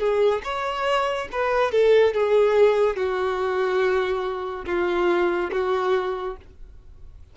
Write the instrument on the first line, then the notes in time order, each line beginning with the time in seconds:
violin
0.00 G#4
0.44 C#5
1.33 B4
1.72 A4
2.14 G#4
2.97 F#4
4.66 F4
5.52 F#4